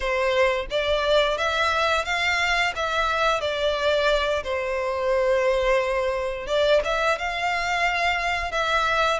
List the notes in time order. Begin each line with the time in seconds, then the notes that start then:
0.00 C5
0.70 D5
1.37 E5
2.05 F5
2.75 E5
3.41 D5
4.43 C5
6.46 D5
6.84 E5
7.18 F5
8.51 E5